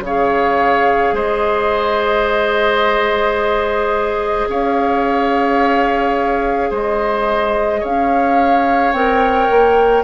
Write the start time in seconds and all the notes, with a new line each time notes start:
0.00 C#3 G#4 C#5 F5
1.12 G#3 C5 D#5
4.48 C#4 C#5 F5
6.70 G#3 C5 D#5
7.80 C#4 C#5 F5
8.92 C4 A#4 G5
9.50 A#3